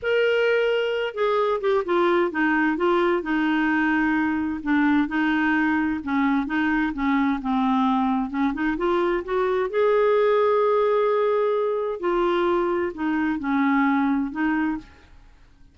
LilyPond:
\new Staff \with { instrumentName = "clarinet" } { \time 4/4 \tempo 4 = 130 ais'2~ ais'8 gis'4 g'8 | f'4 dis'4 f'4 dis'4~ | dis'2 d'4 dis'4~ | dis'4 cis'4 dis'4 cis'4 |
c'2 cis'8 dis'8 f'4 | fis'4 gis'2.~ | gis'2 f'2 | dis'4 cis'2 dis'4 | }